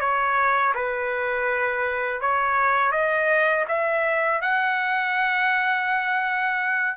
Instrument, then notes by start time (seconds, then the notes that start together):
trumpet
0.00 C#5
0.75 B4
2.21 C#5
2.92 D#5
3.68 E5
4.41 F#5